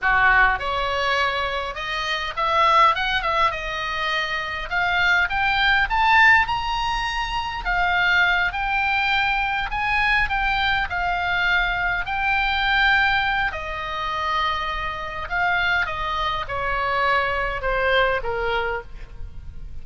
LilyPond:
\new Staff \with { instrumentName = "oboe" } { \time 4/4 \tempo 4 = 102 fis'4 cis''2 dis''4 | e''4 fis''8 e''8 dis''2 | f''4 g''4 a''4 ais''4~ | ais''4 f''4. g''4.~ |
g''8 gis''4 g''4 f''4.~ | f''8 g''2~ g''8 dis''4~ | dis''2 f''4 dis''4 | cis''2 c''4 ais'4 | }